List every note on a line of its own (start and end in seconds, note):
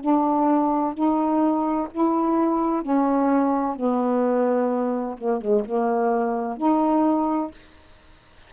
0.00 0.94 D4
0.94 1.87 D#4
1.91 2.82 E4
2.82 3.75 C#4
3.75 5.16 B3
5.17 5.41 A#3
5.41 5.65 G#3
5.65 6.57 A#3
6.57 7.51 D#4